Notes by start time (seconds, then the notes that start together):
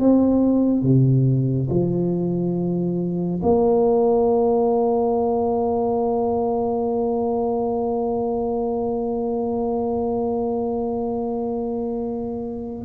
0.00 C4
0.83 C3
1.69 F3
3.42 A#3